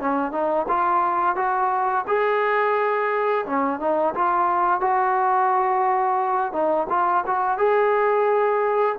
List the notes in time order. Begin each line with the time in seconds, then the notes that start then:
0.00 C#4
0.32 D#4
0.68 F4
1.36 F#4
2.07 G#4
3.46 C#4
3.80 D#4
4.15 F4
4.81 F#4
6.52 D#4
6.90 F4
7.27 F#4
7.58 G#4